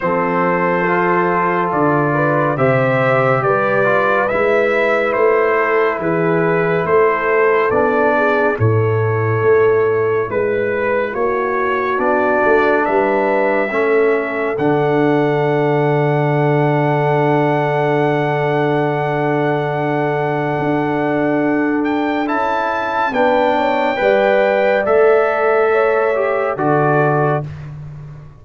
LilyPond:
<<
  \new Staff \with { instrumentName = "trumpet" } { \time 4/4 \tempo 4 = 70 c''2 d''4 e''4 | d''4 e''4 c''4 b'4 | c''4 d''4 cis''2 | b'4 cis''4 d''4 e''4~ |
e''4 fis''2.~ | fis''1~ | fis''4. g''8 a''4 g''4~ | g''4 e''2 d''4 | }
  \new Staff \with { instrumentName = "horn" } { \time 4/4 a'2~ a'8 b'8 c''4 | b'2~ b'8 a'8 gis'4 | a'4. gis'8 a'2 | b'4 fis'2 b'4 |
a'1~ | a'1~ | a'2. b'8 cis''8 | d''2 cis''4 a'4 | }
  \new Staff \with { instrumentName = "trombone" } { \time 4/4 c'4 f'2 g'4~ | g'8 f'8 e'2.~ | e'4 d'4 e'2~ | e'2 d'2 |
cis'4 d'2.~ | d'1~ | d'2 e'4 d'4 | b'4 a'4. g'8 fis'4 | }
  \new Staff \with { instrumentName = "tuba" } { \time 4/4 f2 d4 c4 | g4 gis4 a4 e4 | a4 b4 a,4 a4 | gis4 ais4 b8 a8 g4 |
a4 d2.~ | d1 | d'2 cis'4 b4 | g4 a2 d4 | }
>>